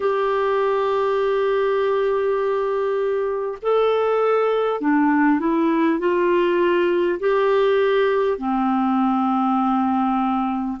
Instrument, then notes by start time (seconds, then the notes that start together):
clarinet
0.00 G4
3.62 A4
4.81 D4
5.39 E4
5.99 F4
7.19 G4
8.38 C4